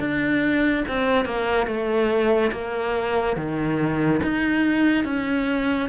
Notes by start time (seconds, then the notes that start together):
0.00 D4
0.88 C4
1.26 A#3
1.67 A3
2.52 A#3
3.36 D#3
4.23 D#4
5.05 C#4